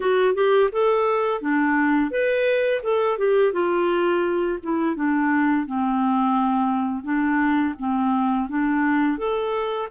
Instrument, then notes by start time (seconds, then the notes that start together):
clarinet
0.00 F#4
0.34 G4
0.72 A4
1.41 D4
2.10 B4
2.82 A4
3.18 G4
3.53 F4
4.62 E4
4.95 D4
5.66 C4
7.03 D4
7.78 C4
8.49 D4
9.18 A4